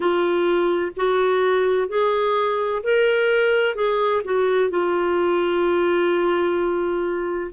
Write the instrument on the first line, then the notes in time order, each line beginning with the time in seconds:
clarinet
0.00 F4
0.96 F#4
1.88 G#4
2.83 A#4
3.75 G#4
4.24 F#4
4.70 F4